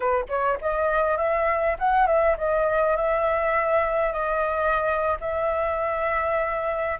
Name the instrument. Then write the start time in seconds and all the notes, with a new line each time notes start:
flute
0.00 B4
0.28 C#5
0.61 D#5
1.17 E5
1.78 F#5
2.06 E5
2.37 D#5
2.96 E5
4.13 D#5
5.20 E5